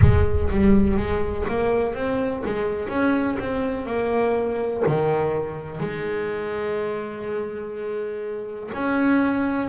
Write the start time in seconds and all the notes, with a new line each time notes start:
0.01 G#3
0.50 G3
0.97 G#3
1.47 A#3
1.94 C4
2.45 G#3
2.88 C#4
3.39 C4
3.86 A#3
4.86 D#3
5.79 G#3
8.73 C#4